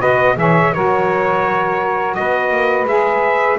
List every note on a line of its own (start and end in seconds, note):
0.00 0.37 B3
0.00 0.36 F#4
0.00 0.36 B4
0.00 0.37 D#5
0.37 0.73 E3
0.37 0.73 G#4
0.37 0.74 C#5
0.37 0.74 E5
0.73 2.18 F#3
0.73 2.87 F#4
0.73 2.17 A#4
0.73 2.15 C#5
2.15 2.51 B3
2.15 3.59 B4
2.15 2.86 D#5
2.51 2.85 A#3
2.85 3.56 G#3
2.85 3.59 G#4
2.85 3.59 E5